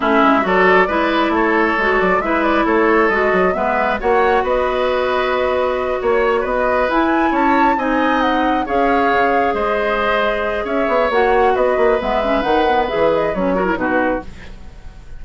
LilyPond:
<<
  \new Staff \with { instrumentName = "flute" } { \time 4/4 \tempo 4 = 135 e''4 d''2 cis''4~ | cis''8 d''8 e''8 d''8 cis''4 dis''4 | e''4 fis''4 dis''2~ | dis''4. cis''4 dis''4 gis''8~ |
gis''8 a''4 gis''4 fis''4 f''8~ | f''4. dis''2~ dis''8 | e''4 fis''4 dis''4 e''4 | fis''4 e''8 dis''8 cis''4 b'4 | }
  \new Staff \with { instrumentName = "oboe" } { \time 4/4 e'4 a'4 b'4 a'4~ | a'4 b'4 a'2 | b'4 cis''4 b'2~ | b'4. cis''4 b'4.~ |
b'8 cis''4 dis''2 cis''8~ | cis''4. c''2~ c''8 | cis''2 b'2~ | b'2~ b'8 ais'8 fis'4 | }
  \new Staff \with { instrumentName = "clarinet" } { \time 4/4 cis'4 fis'4 e'2 | fis'4 e'2 fis'4 | b4 fis'2.~ | fis'2.~ fis'8 e'8~ |
e'4. dis'2 gis'8~ | gis'1~ | gis'4 fis'2 b8 cis'8 | dis'8 b8 gis'4 cis'8 fis'16 e'16 dis'4 | }
  \new Staff \with { instrumentName = "bassoon" } { \time 4/4 a8 gis8 fis4 gis4 a4 | gis8 fis8 gis4 a4 gis8 fis8 | gis4 ais4 b2~ | b4. ais4 b4 e'8~ |
e'8 cis'4 c'2 cis'8~ | cis'8 cis4 gis2~ gis8 | cis'8 b8 ais4 b8 ais8 gis4 | dis4 e4 fis4 b,4 | }
>>